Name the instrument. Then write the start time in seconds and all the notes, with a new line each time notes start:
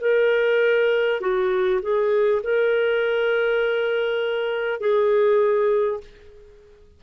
clarinet
0.00 A#4
1.21 F#4
1.82 G#4
2.43 A#4
4.80 G#4